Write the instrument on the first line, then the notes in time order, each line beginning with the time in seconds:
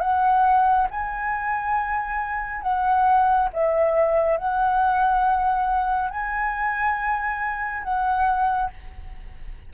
flute
0.00 F#5
0.91 G#5
2.62 F#5
3.53 E5
4.37 F#5
6.10 G#5
7.83 F#5